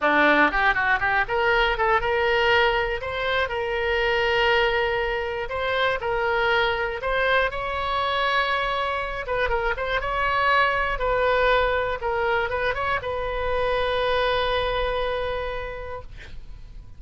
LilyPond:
\new Staff \with { instrumentName = "oboe" } { \time 4/4 \tempo 4 = 120 d'4 g'8 fis'8 g'8 ais'4 a'8 | ais'2 c''4 ais'4~ | ais'2. c''4 | ais'2 c''4 cis''4~ |
cis''2~ cis''8 b'8 ais'8 c''8 | cis''2 b'2 | ais'4 b'8 cis''8 b'2~ | b'1 | }